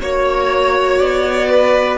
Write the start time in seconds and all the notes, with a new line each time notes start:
0.00 A#3 F#4 C#5
0.99 B3 D5
1.50 B4